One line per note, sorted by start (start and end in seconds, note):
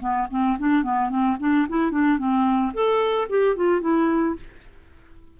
0.00 0.27 B3
0.30 0.58 C4
0.59 0.83 D4
0.83 1.09 B3
1.09 1.37 C4
1.40 1.67 D4
1.69 1.91 E4
1.91 2.18 D4
2.18 2.72 C4
2.73 3.28 A4
3.29 3.56 G4
3.56 3.81 F4
3.81 4.35 E4